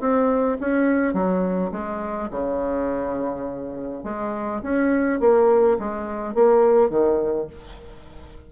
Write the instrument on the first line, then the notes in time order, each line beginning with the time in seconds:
bassoon
0.00 C4
0.61 C#4
1.13 F#3
1.72 G#3
2.31 C#3
4.04 G#3
4.63 C#4
5.20 A#3
5.79 G#3
6.34 A#3
6.89 D#3